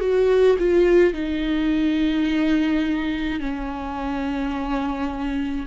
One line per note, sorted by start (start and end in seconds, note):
0.00 0.57 F#4
0.59 1.14 F4
1.14 3.40 D#4
3.40 5.67 C#4